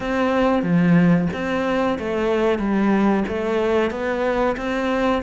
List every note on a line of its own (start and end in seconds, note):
0.00 0.63 C4
0.63 1.28 F3
1.33 1.98 C4
1.98 2.58 A3
2.58 3.23 G3
3.28 3.90 A3
3.90 4.56 B3
4.57 5.22 C4